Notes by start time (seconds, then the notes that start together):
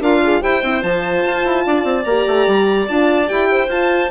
0.00 D4 F4 A#4 F5
0.24 G#4
0.40 E4 G4 C5 G5
0.63 C4 E4
0.82 F3 F4 A5
1.26 F4
1.45 E4
1.66 D4 D5
1.84 C4
2.04 A#3 G4 A#5
2.27 A3
2.47 G3
2.88 D4 F4 A5
3.27 E4 G4 G5
3.51 C5
3.68 F4 A5